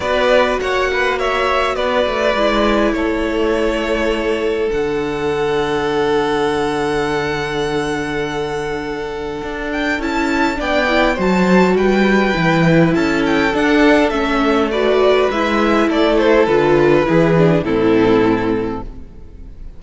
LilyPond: <<
  \new Staff \with { instrumentName = "violin" } { \time 4/4 \tempo 4 = 102 d''4 fis''4 e''4 d''4~ | d''4 cis''2. | fis''1~ | fis''1~ |
fis''8 g''8 a''4 g''4 a''4 | g''2 a''8 g''8 fis''4 | e''4 d''4 e''4 d''8 c''8 | b'2 a'2 | }
  \new Staff \with { instrumentName = "violin" } { \time 4/4 b'4 cis''8 b'8 cis''4 b'4~ | b'4 a'2.~ | a'1~ | a'1~ |
a'2 d''4 c''4 | b'2 a'2~ | a'4 b'2 a'4~ | a'4 gis'4 e'2 | }
  \new Staff \with { instrumentName = "viola" } { \time 4/4 fis'1 | e'1 | d'1~ | d'1~ |
d'4 e'4 d'8 e'8 fis'4~ | fis'4 e'2 d'4 | cis'4 fis'4 e'2 | f'4 e'8 d'8 c'2 | }
  \new Staff \with { instrumentName = "cello" } { \time 4/4 b4 ais2 b8 a8 | gis4 a2. | d1~ | d1 |
d'4 cis'4 b4 fis4 | g4 e4 cis'4 d'4 | a2 gis4 a4 | d4 e4 a,2 | }
>>